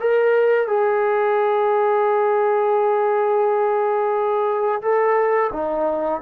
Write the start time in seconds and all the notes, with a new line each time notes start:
0.00 A#4
0.67 G#4
4.82 A4
5.52 D#4